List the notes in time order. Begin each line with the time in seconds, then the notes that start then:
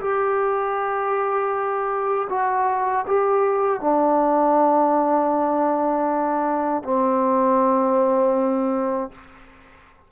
0.00 G4
2.29 F#4
3.07 G4
3.80 D4
6.84 C4